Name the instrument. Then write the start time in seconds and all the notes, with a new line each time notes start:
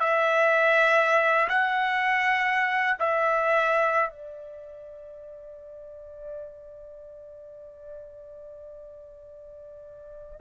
trumpet
0.00 E5
1.49 F#5
2.99 E5
4.10 D5